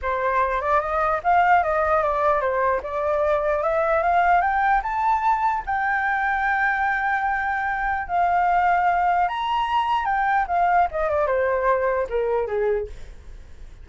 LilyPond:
\new Staff \with { instrumentName = "flute" } { \time 4/4 \tempo 4 = 149 c''4. d''8 dis''4 f''4 | dis''4 d''4 c''4 d''4~ | d''4 e''4 f''4 g''4 | a''2 g''2~ |
g''1 | f''2. ais''4~ | ais''4 g''4 f''4 dis''8 d''8 | c''2 ais'4 gis'4 | }